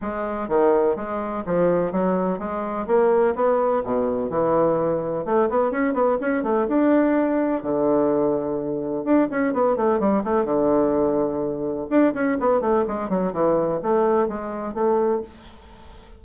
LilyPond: \new Staff \with { instrumentName = "bassoon" } { \time 4/4 \tempo 4 = 126 gis4 dis4 gis4 f4 | fis4 gis4 ais4 b4 | b,4 e2 a8 b8 | cis'8 b8 cis'8 a8 d'2 |
d2. d'8 cis'8 | b8 a8 g8 a8 d2~ | d4 d'8 cis'8 b8 a8 gis8 fis8 | e4 a4 gis4 a4 | }